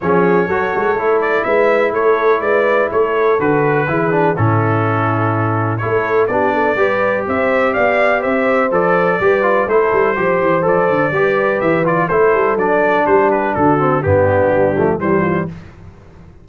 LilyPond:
<<
  \new Staff \with { instrumentName = "trumpet" } { \time 4/4 \tempo 4 = 124 cis''2~ cis''8 d''8 e''4 | cis''4 d''4 cis''4 b'4~ | b'4 a'2. | cis''4 d''2 e''4 |
f''4 e''4 d''2 | c''2 d''2 | e''8 d''8 c''4 d''4 c''8 b'8 | a'4 g'2 c''4 | }
  \new Staff \with { instrumentName = "horn" } { \time 4/4 gis'4 a'2 b'4 | a'4 b'4 a'2 | gis'4 e'2. | a'4 g'8 a'8 b'4 c''4 |
d''4 c''2 b'4 | a'4 c''2 b'4~ | b'4 a'2 g'4 | fis'4 d'2 g'8 f'8 | }
  \new Staff \with { instrumentName = "trombone" } { \time 4/4 cis'4 fis'4 e'2~ | e'2. fis'4 | e'8 d'8 cis'2. | e'4 d'4 g'2~ |
g'2 a'4 g'8 f'8 | e'4 g'4 a'4 g'4~ | g'8 f'8 e'4 d'2~ | d'8 c'8 b4. a8 g4 | }
  \new Staff \with { instrumentName = "tuba" } { \time 4/4 f4 fis8 gis8 a4 gis4 | a4 gis4 a4 d4 | e4 a,2. | a4 b4 g4 c'4 |
b4 c'4 f4 g4 | a8 g8 f8 e8 f8 d8 g4 | e4 a8 g8 fis4 g4 | d4 g,4 g8 f8 e4 | }
>>